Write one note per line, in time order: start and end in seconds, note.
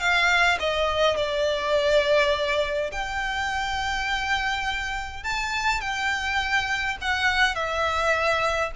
0.00 0.58 F5
0.60 1.16 D#5
1.16 2.91 D5
2.92 5.24 G5
5.24 5.81 A5
5.81 6.97 G5
7.01 7.55 F#5
7.55 8.72 E5